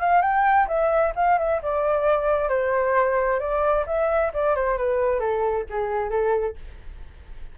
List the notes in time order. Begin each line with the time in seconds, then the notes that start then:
0.00 F5
0.21 G5
0.68 E5
1.16 F5
1.39 E5
1.62 D5
2.49 C5
3.40 D5
3.87 E5
4.34 D5
4.56 C5
4.78 B4
5.20 A4
5.70 G#4
6.10 A4